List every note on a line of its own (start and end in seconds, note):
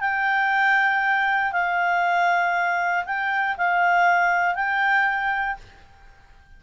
0.00 1.52 G5
1.52 3.05 F5
3.06 3.56 G5
3.57 4.55 F5
4.55 5.57 G5